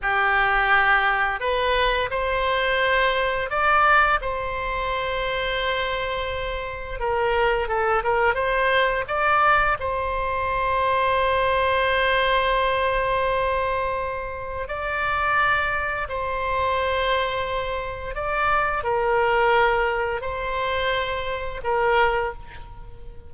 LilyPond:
\new Staff \with { instrumentName = "oboe" } { \time 4/4 \tempo 4 = 86 g'2 b'4 c''4~ | c''4 d''4 c''2~ | c''2 ais'4 a'8 ais'8 | c''4 d''4 c''2~ |
c''1~ | c''4 d''2 c''4~ | c''2 d''4 ais'4~ | ais'4 c''2 ais'4 | }